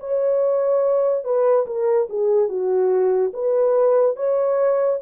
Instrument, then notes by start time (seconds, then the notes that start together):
horn
0.00 C#5
1.24 B4
1.67 A#4
2.09 G#4
2.49 F#4
3.34 B4
4.16 C#5